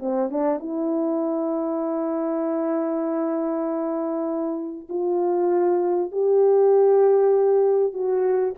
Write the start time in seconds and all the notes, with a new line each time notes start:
0.00 C4
0.31 D4
0.60 E4
4.90 F4
6.12 G4
7.94 F#4